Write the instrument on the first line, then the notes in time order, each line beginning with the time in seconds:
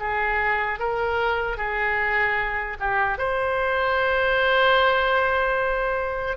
oboe
0.00 G#4
0.80 A#4
1.57 G#4
2.80 G4
3.19 C5